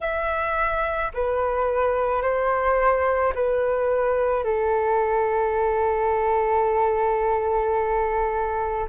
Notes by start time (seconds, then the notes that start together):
0.01 E5
1.14 B4
2.22 C5
3.34 B4
4.44 A4